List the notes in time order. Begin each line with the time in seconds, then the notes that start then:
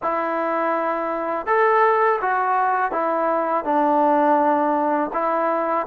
0.02 E4
1.46 A4
2.21 F#4
2.91 E4
3.64 D4
5.13 E4